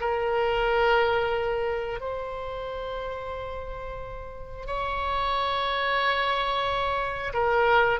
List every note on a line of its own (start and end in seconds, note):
0.00 2.00 A#4
2.00 4.66 C5
4.66 7.33 C#5
7.33 8.00 A#4